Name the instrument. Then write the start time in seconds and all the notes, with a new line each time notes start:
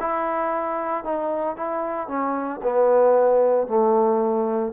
trombone
0.00 E4
1.05 D#4
1.56 E4
2.08 C#4
2.63 B3
3.67 A3